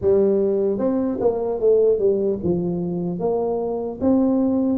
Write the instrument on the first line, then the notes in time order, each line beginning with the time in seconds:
tuba
0.01 G3
0.78 C4
1.20 A#3
1.60 A3
1.98 G3
2.43 F3
3.19 A#3
4.00 C4